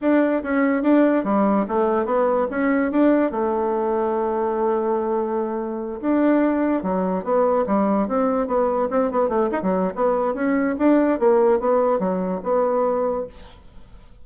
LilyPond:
\new Staff \with { instrumentName = "bassoon" } { \time 4/4 \tempo 4 = 145 d'4 cis'4 d'4 g4 | a4 b4 cis'4 d'4 | a1~ | a2~ a8 d'4.~ |
d'8 fis4 b4 g4 c'8~ | c'8 b4 c'8 b8 a8 dis'16 fis8. | b4 cis'4 d'4 ais4 | b4 fis4 b2 | }